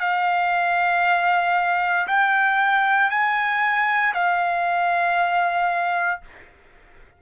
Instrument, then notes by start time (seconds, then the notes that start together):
trumpet
0.00 F5
2.07 G5
3.10 G#5
4.14 F5